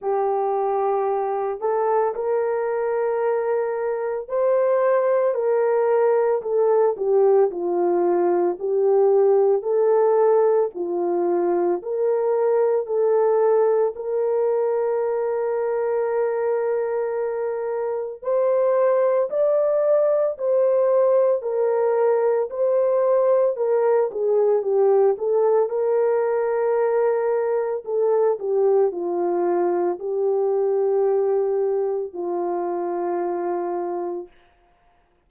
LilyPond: \new Staff \with { instrumentName = "horn" } { \time 4/4 \tempo 4 = 56 g'4. a'8 ais'2 | c''4 ais'4 a'8 g'8 f'4 | g'4 a'4 f'4 ais'4 | a'4 ais'2.~ |
ais'4 c''4 d''4 c''4 | ais'4 c''4 ais'8 gis'8 g'8 a'8 | ais'2 a'8 g'8 f'4 | g'2 f'2 | }